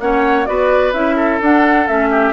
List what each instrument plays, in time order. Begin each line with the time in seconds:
0.00 bassoon A#3, clarinet C#4, oboe C#5, flute F#5
0.45 bassoon B3, clarinet F#4, oboe B4, flute D5
0.93 bassoon C#4, clarinet E4, flute E5
1.15 oboe A4
1.40 bassoon D4, clarinet D4, flute F#5
1.87 bassoon A3, clarinet C#4, flute E5
2.10 oboe G4